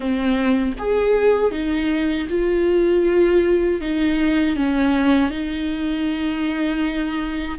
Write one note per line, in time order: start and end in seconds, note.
0.00 0.73 C4
0.78 1.51 G#4
1.51 2.27 D#4
2.29 3.80 F4
3.80 4.56 D#4
4.56 5.30 C#4
5.30 7.58 D#4